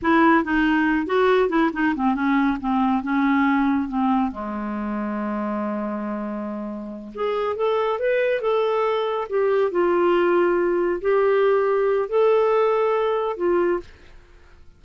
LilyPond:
\new Staff \with { instrumentName = "clarinet" } { \time 4/4 \tempo 4 = 139 e'4 dis'4. fis'4 e'8 | dis'8 c'8 cis'4 c'4 cis'4~ | cis'4 c'4 gis2~ | gis1~ |
gis8 gis'4 a'4 b'4 a'8~ | a'4. g'4 f'4.~ | f'4. g'2~ g'8 | a'2. f'4 | }